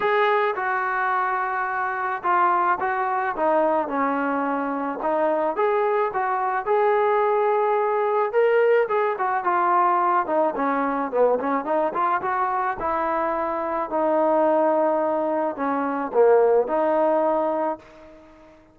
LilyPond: \new Staff \with { instrumentName = "trombone" } { \time 4/4 \tempo 4 = 108 gis'4 fis'2. | f'4 fis'4 dis'4 cis'4~ | cis'4 dis'4 gis'4 fis'4 | gis'2. ais'4 |
gis'8 fis'8 f'4. dis'8 cis'4 | b8 cis'8 dis'8 f'8 fis'4 e'4~ | e'4 dis'2. | cis'4 ais4 dis'2 | }